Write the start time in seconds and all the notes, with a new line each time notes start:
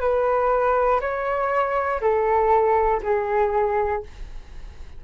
0.00 B4
1.00 C#5
2.01 A4
3.03 G#4